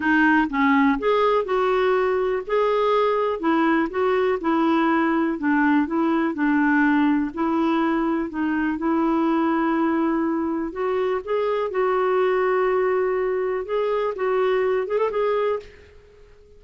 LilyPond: \new Staff \with { instrumentName = "clarinet" } { \time 4/4 \tempo 4 = 123 dis'4 cis'4 gis'4 fis'4~ | fis'4 gis'2 e'4 | fis'4 e'2 d'4 | e'4 d'2 e'4~ |
e'4 dis'4 e'2~ | e'2 fis'4 gis'4 | fis'1 | gis'4 fis'4. gis'16 a'16 gis'4 | }